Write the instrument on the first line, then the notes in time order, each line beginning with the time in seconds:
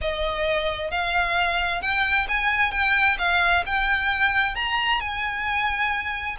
violin
0.01 D#5
0.90 F5
1.81 G5
2.28 G#5
2.71 G5
3.18 F5
3.66 G5
4.55 A#5
5.00 G#5